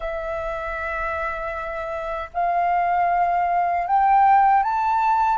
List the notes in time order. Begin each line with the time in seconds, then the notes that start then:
0.00 E5
2.33 F5
3.87 G5
4.63 A5